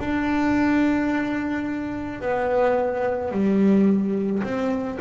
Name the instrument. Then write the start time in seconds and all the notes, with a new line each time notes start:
double bass
0.00 D4
2.22 B3
3.32 G3
4.43 C4